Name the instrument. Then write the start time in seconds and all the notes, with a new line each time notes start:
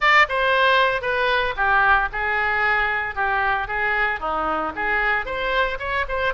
oboe
0.00 D5
0.28 C5
1.01 B4
1.56 G4
2.12 G#4
3.15 G4
3.67 G#4
4.19 D#4
4.75 G#4
5.25 C5
5.79 C#5
6.08 C5